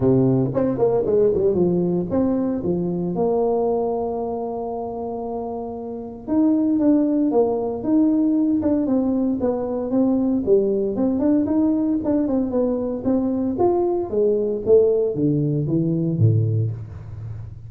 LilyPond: \new Staff \with { instrumentName = "tuba" } { \time 4/4 \tempo 4 = 115 c4 c'8 ais8 gis8 g8 f4 | c'4 f4 ais2~ | ais1 | dis'4 d'4 ais4 dis'4~ |
dis'8 d'8 c'4 b4 c'4 | g4 c'8 d'8 dis'4 d'8 c'8 | b4 c'4 f'4 gis4 | a4 d4 e4 a,4 | }